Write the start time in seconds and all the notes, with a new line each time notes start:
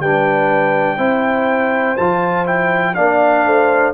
0.00 G3 D4 B4 G5
0.97 C4 E4 C5
1.97 F3 F4 A5
2.46 E4 G5
2.95 A#3 D4 D5 F5
3.45 A3 C5